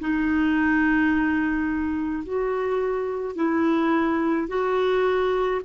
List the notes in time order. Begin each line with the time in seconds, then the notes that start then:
0.00 D#4
2.24 F#4
3.36 E4
4.48 F#4